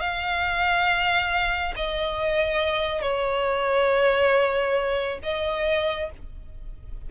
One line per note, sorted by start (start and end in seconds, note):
0.00 1.74 F5
1.76 3.02 D#5
3.02 5.19 C#5
5.23 6.10 D#5